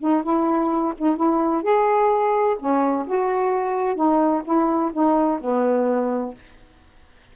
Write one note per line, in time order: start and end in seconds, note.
0.00 0.23 D#4
0.23 0.94 E4
0.98 1.16 D#4
1.16 1.63 E4
1.63 2.57 G#4
2.60 3.07 C#4
3.07 3.96 F#4
3.96 4.43 D#4
4.45 4.92 E4
4.93 5.40 D#4
5.41 6.35 B3